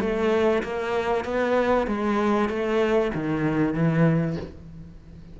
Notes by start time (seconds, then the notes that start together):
0.00 A3
0.63 A#3
1.25 B3
1.87 G#3
2.49 A3
3.14 D#3
3.74 E3